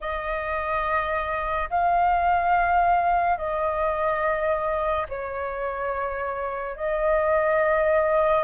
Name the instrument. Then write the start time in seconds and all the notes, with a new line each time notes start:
flute
0.00 D#5
1.70 F5
3.37 D#5
5.09 C#5
6.76 D#5